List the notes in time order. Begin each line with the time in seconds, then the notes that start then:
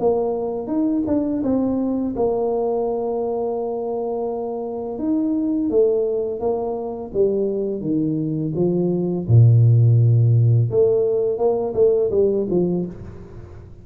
0.00 A#3
0.68 D#4
1.07 D4
1.44 C4
2.17 A#3
4.99 D#4
5.70 A3
6.40 A#3
7.14 G3
7.81 D#3
8.56 F3
9.28 A#2
10.71 A3
11.38 A#3
11.74 A3
12.11 G3
12.50 F3